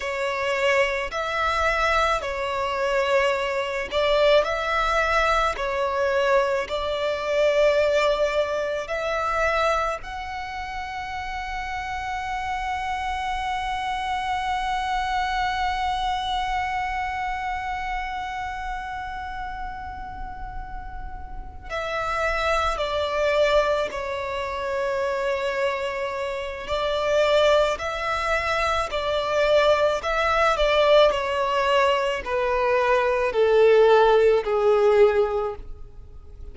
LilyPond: \new Staff \with { instrumentName = "violin" } { \time 4/4 \tempo 4 = 54 cis''4 e''4 cis''4. d''8 | e''4 cis''4 d''2 | e''4 fis''2.~ | fis''1~ |
fis''2.~ fis''8 e''8~ | e''8 d''4 cis''2~ cis''8 | d''4 e''4 d''4 e''8 d''8 | cis''4 b'4 a'4 gis'4 | }